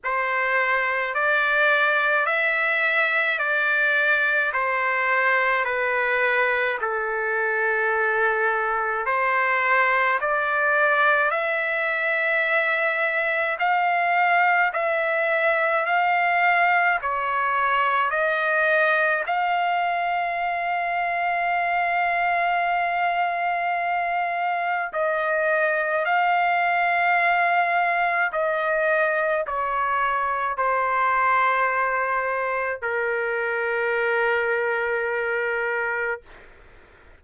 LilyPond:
\new Staff \with { instrumentName = "trumpet" } { \time 4/4 \tempo 4 = 53 c''4 d''4 e''4 d''4 | c''4 b'4 a'2 | c''4 d''4 e''2 | f''4 e''4 f''4 cis''4 |
dis''4 f''2.~ | f''2 dis''4 f''4~ | f''4 dis''4 cis''4 c''4~ | c''4 ais'2. | }